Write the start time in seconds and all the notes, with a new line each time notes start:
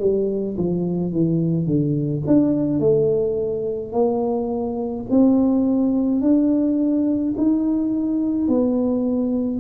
0.00 G3
0.58 F3
1.13 E3
1.66 D3
2.27 D4
2.80 A3
3.93 A#3
5.10 C4
6.22 D4
7.37 D#4
8.49 B3